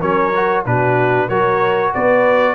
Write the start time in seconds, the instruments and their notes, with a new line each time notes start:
0.00 tuba F#3, trombone C#4, horn A#4, trumpet C#5
0.35 trombone F#4
0.65 tuba B2, trombone D4, horn F#4, trumpet B4
1.28 tuba F#3, trombone F#4, horn A#4, trumpet C#5
1.94 tuba B3, horn B4, trumpet D5